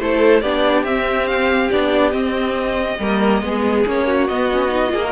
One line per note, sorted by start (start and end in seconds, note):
0.00 0.43 A3
0.00 0.43 E4
0.00 0.43 A4
0.00 0.41 C5
0.41 0.84 B3
0.41 0.87 D4
0.41 3.00 G4
0.41 0.84 D5
0.84 1.70 C4
0.84 1.73 C4
0.84 1.27 E5
1.27 1.70 F5
1.71 2.13 B3
1.71 2.12 D4
1.71 2.12 D5
2.12 2.98 C4
2.12 2.99 C4
2.12 3.84 D#5
2.99 3.42 G3
2.99 3.43 A#3
2.99 3.43 A#4
3.42 3.85 G#3
3.42 3.86 B3
3.42 4.07 G#4
3.87 4.30 A#3
3.87 4.29 C#4
3.87 4.28 C#5
4.07 4.93 F#4
4.28 4.94 B3
4.28 4.51 B3
4.28 5.12 D#5
4.52 4.69 C#4
4.69 4.89 D#4
4.89 5.12 A#3
4.89 4.99 F4
4.89 5.04 G#4
5.04 5.12 F#4
5.04 5.12 A#4